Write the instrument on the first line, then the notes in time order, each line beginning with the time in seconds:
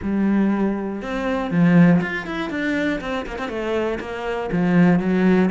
cello
0.02 G3
1.02 C4
1.50 F3
2.01 F4
2.26 E4
2.50 D4
3.00 C4
3.26 A#3
3.38 C4
3.48 A3
4.00 A#3
4.52 F3
4.99 F#3